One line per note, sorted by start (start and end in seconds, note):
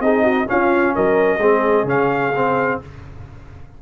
0.00 0.47 C4
0.00 0.46 D#4
0.00 0.24 G#4
0.00 0.47 D#5
0.24 0.47 F#4
0.46 1.39 C#4
0.46 0.96 C#4
0.46 0.95 F4
0.46 0.95 F5
0.95 1.38 F#3
0.95 1.40 A#4
0.95 1.88 D#5
1.38 1.84 G#3
1.38 1.87 C4
1.38 2.80 G#4
1.84 2.77 C#3
1.84 2.33 C#4
1.84 2.82 F5
2.36 2.82 C4